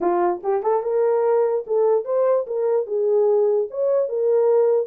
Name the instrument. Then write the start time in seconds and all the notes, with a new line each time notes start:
horn
0.00 F4
0.43 G4
0.63 A4
0.83 A#4
1.66 A4
2.05 C5
2.46 A#4
2.86 G#4
3.70 C#5
4.09 A#4